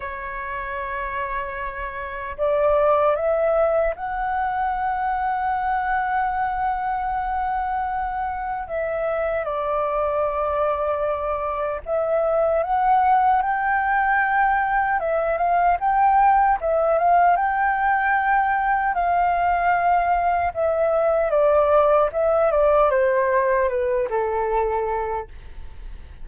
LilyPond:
\new Staff \with { instrumentName = "flute" } { \time 4/4 \tempo 4 = 76 cis''2. d''4 | e''4 fis''2.~ | fis''2. e''4 | d''2. e''4 |
fis''4 g''2 e''8 f''8 | g''4 e''8 f''8 g''2 | f''2 e''4 d''4 | e''8 d''8 c''4 b'8 a'4. | }